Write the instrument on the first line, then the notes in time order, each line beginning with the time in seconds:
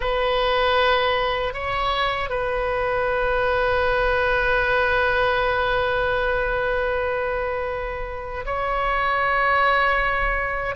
oboe
0.00 B4
1.53 C#5
2.29 B4
8.45 C#5